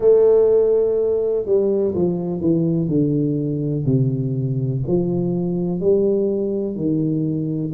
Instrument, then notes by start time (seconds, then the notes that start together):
tuba
0.00 A3
1.45 G3
1.95 F3
2.40 E3
2.88 D3
3.85 C3
4.87 F3
5.80 G3
6.76 D#3